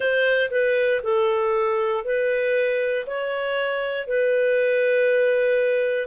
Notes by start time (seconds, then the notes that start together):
0.00 C5
0.50 B4
1.03 A4
2.04 B4
3.06 C#5
4.07 B4